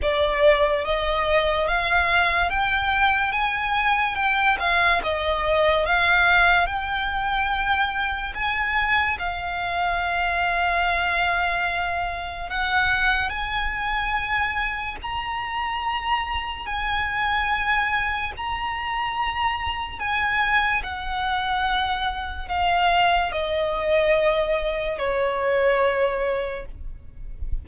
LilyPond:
\new Staff \with { instrumentName = "violin" } { \time 4/4 \tempo 4 = 72 d''4 dis''4 f''4 g''4 | gis''4 g''8 f''8 dis''4 f''4 | g''2 gis''4 f''4~ | f''2. fis''4 |
gis''2 ais''2 | gis''2 ais''2 | gis''4 fis''2 f''4 | dis''2 cis''2 | }